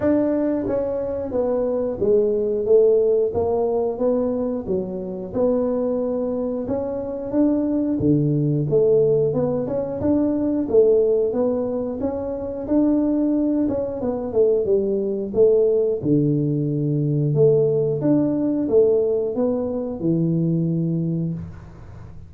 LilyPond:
\new Staff \with { instrumentName = "tuba" } { \time 4/4 \tempo 4 = 90 d'4 cis'4 b4 gis4 | a4 ais4 b4 fis4 | b2 cis'4 d'4 | d4 a4 b8 cis'8 d'4 |
a4 b4 cis'4 d'4~ | d'8 cis'8 b8 a8 g4 a4 | d2 a4 d'4 | a4 b4 e2 | }